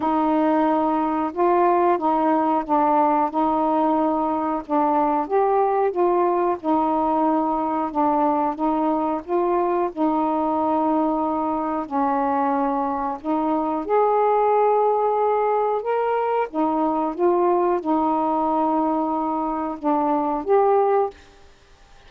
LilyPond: \new Staff \with { instrumentName = "saxophone" } { \time 4/4 \tempo 4 = 91 dis'2 f'4 dis'4 | d'4 dis'2 d'4 | g'4 f'4 dis'2 | d'4 dis'4 f'4 dis'4~ |
dis'2 cis'2 | dis'4 gis'2. | ais'4 dis'4 f'4 dis'4~ | dis'2 d'4 g'4 | }